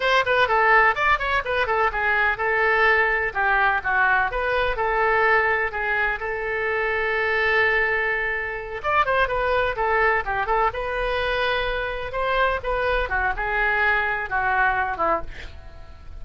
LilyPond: \new Staff \with { instrumentName = "oboe" } { \time 4/4 \tempo 4 = 126 c''8 b'8 a'4 d''8 cis''8 b'8 a'8 | gis'4 a'2 g'4 | fis'4 b'4 a'2 | gis'4 a'2.~ |
a'2~ a'8 d''8 c''8 b'8~ | b'8 a'4 g'8 a'8 b'4.~ | b'4. c''4 b'4 fis'8 | gis'2 fis'4. e'8 | }